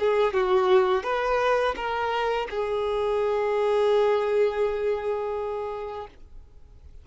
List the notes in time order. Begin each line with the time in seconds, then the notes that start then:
0.00 G#4
0.34 F#4
1.04 B4
1.77 A#4
2.51 G#4